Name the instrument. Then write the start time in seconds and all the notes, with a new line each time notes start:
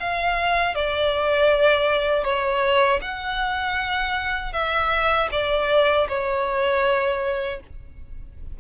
violin
0.00 F5
0.75 D5
2.24 C#5
3.02 F#5
4.53 E5
5.32 D5
6.09 C#5